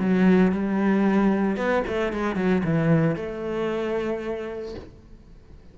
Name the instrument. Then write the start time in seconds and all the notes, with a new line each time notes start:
cello
0.00 F#3
0.52 G3
1.57 B3
1.88 A3
2.13 G#3
2.36 F#3
2.65 E3
3.16 A3